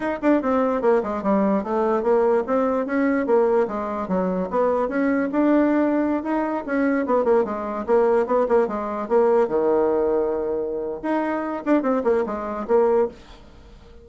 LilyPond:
\new Staff \with { instrumentName = "bassoon" } { \time 4/4 \tempo 4 = 147 dis'8 d'8 c'4 ais8 gis8 g4 | a4 ais4 c'4 cis'4 | ais4 gis4 fis4 b4 | cis'4 d'2~ d'16 dis'8.~ |
dis'16 cis'4 b8 ais8 gis4 ais8.~ | ais16 b8 ais8 gis4 ais4 dis8.~ | dis2. dis'4~ | dis'8 d'8 c'8 ais8 gis4 ais4 | }